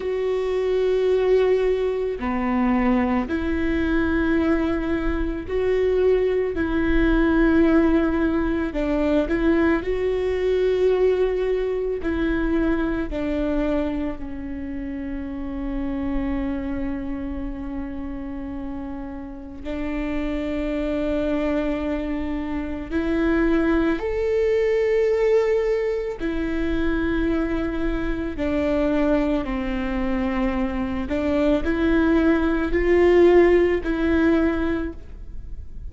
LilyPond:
\new Staff \with { instrumentName = "viola" } { \time 4/4 \tempo 4 = 55 fis'2 b4 e'4~ | e'4 fis'4 e'2 | d'8 e'8 fis'2 e'4 | d'4 cis'2.~ |
cis'2 d'2~ | d'4 e'4 a'2 | e'2 d'4 c'4~ | c'8 d'8 e'4 f'4 e'4 | }